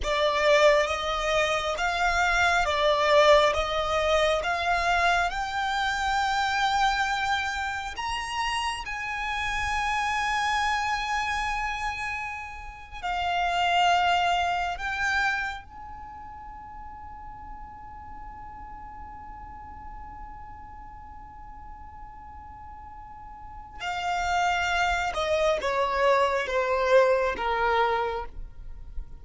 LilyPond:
\new Staff \with { instrumentName = "violin" } { \time 4/4 \tempo 4 = 68 d''4 dis''4 f''4 d''4 | dis''4 f''4 g''2~ | g''4 ais''4 gis''2~ | gis''2~ gis''8. f''4~ f''16~ |
f''8. g''4 gis''2~ gis''16~ | gis''1~ | gis''2. f''4~ | f''8 dis''8 cis''4 c''4 ais'4 | }